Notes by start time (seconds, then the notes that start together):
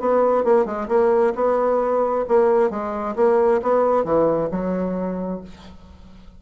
0.00 B3
0.45 A#3
0.66 G#3
0.89 A#3
1.35 B3
2.29 A#3
2.71 G#3
3.16 A#3
3.63 B3
4.05 E3
4.51 F#3